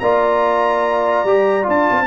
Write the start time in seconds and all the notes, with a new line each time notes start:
0.00 A#3 F4 D5 A#5
1.24 G3 G4
1.63 D4 F4
1.69 A5
1.91 C4